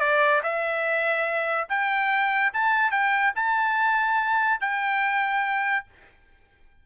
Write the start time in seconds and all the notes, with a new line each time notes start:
0.00 D5
0.43 E5
1.69 G5
2.54 A5
2.91 G5
3.36 A5
4.61 G5